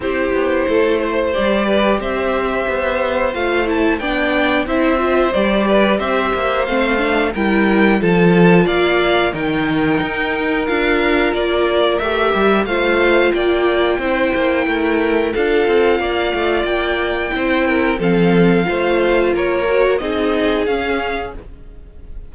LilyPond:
<<
  \new Staff \with { instrumentName = "violin" } { \time 4/4 \tempo 4 = 90 c''2 d''4 e''4~ | e''4 f''8 a''8 g''4 e''4 | d''4 e''4 f''4 g''4 | a''4 f''4 g''2 |
f''4 d''4 e''4 f''4 | g''2. f''4~ | f''4 g''2 f''4~ | f''4 cis''4 dis''4 f''4 | }
  \new Staff \with { instrumentName = "violin" } { \time 4/4 g'4 a'8 c''4 b'8 c''4~ | c''2 d''4 c''4~ | c''8 b'8 c''2 ais'4 | a'4 d''4 ais'2~ |
ais'2. c''4 | d''4 c''4 ais'4 a'4 | d''2 c''8 ais'8 a'4 | c''4 ais'4 gis'2 | }
  \new Staff \with { instrumentName = "viola" } { \time 4/4 e'2 g'2~ | g'4 f'8 e'8 d'4 e'8 f'8 | g'2 c'8 d'8 e'4 | f'2 dis'2 |
f'2 g'4 f'4~ | f'4 e'2 f'4~ | f'2 e'4 c'4 | f'4. fis'8 dis'4 cis'4 | }
  \new Staff \with { instrumentName = "cello" } { \time 4/4 c'8 b8 a4 g4 c'4 | b4 a4 b4 c'4 | g4 c'8 ais8 a4 g4 | f4 ais4 dis4 dis'4 |
d'4 ais4 a8 g8 a4 | ais4 c'8 ais8 a4 d'8 c'8 | ais8 a8 ais4 c'4 f4 | a4 ais4 c'4 cis'4 | }
>>